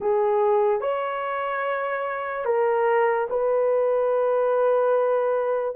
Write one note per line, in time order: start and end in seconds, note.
0.00 0.80 G#4
0.80 2.45 C#5
2.45 3.27 A#4
3.29 5.75 B4